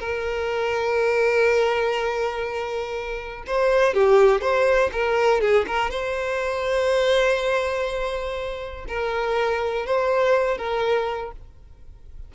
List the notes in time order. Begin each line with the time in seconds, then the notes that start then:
0.00 A#4
3.47 C5
3.95 G4
4.42 C5
4.93 A#4
5.41 G#4
5.67 A#4
5.91 C5
8.88 A#4
9.87 C5
10.58 A#4